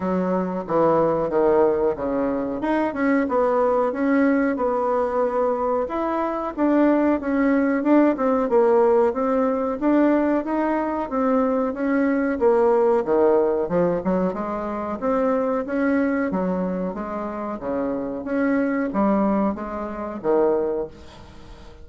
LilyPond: \new Staff \with { instrumentName = "bassoon" } { \time 4/4 \tempo 4 = 92 fis4 e4 dis4 cis4 | dis'8 cis'8 b4 cis'4 b4~ | b4 e'4 d'4 cis'4 | d'8 c'8 ais4 c'4 d'4 |
dis'4 c'4 cis'4 ais4 | dis4 f8 fis8 gis4 c'4 | cis'4 fis4 gis4 cis4 | cis'4 g4 gis4 dis4 | }